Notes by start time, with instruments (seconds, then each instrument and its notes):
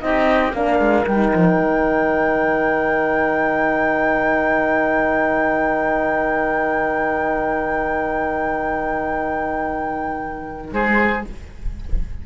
0.00 cello C4, horn D#4, oboe G4, flute D#5
0.53 cello A#3, horn D4, oboe A#4, flute F5
0.79 cello G#3
1.07 cello G3, horn D#4, flute G5
1.33 cello F3
1.59 cello D#3
10.72 cello G#3, oboe G#4, flute C5